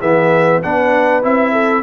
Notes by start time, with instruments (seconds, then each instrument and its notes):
0.00 tuba E3, trombone B3, horn G#4, trumpet E5
0.63 tuba B3, trombone D4, horn B4, trumpet F#5
1.23 tuba C4, trombone E4, trumpet E5
1.53 horn A4